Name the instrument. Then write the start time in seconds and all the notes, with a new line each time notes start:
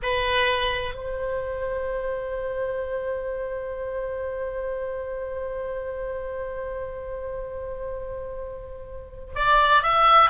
oboe
0.02 B4
0.94 C5
9.35 D5
9.83 E5